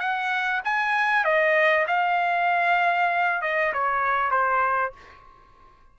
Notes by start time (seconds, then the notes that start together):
0.00 F#5
0.65 G#5
1.25 D#5
1.88 F5
3.42 D#5
3.74 C#5
4.31 C5